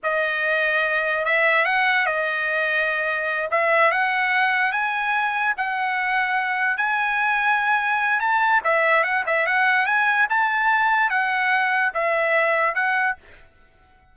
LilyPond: \new Staff \with { instrumentName = "trumpet" } { \time 4/4 \tempo 4 = 146 dis''2. e''4 | fis''4 dis''2.~ | dis''8 e''4 fis''2 gis''8~ | gis''4. fis''2~ fis''8~ |
fis''8 gis''2.~ gis''8 | a''4 e''4 fis''8 e''8 fis''4 | gis''4 a''2 fis''4~ | fis''4 e''2 fis''4 | }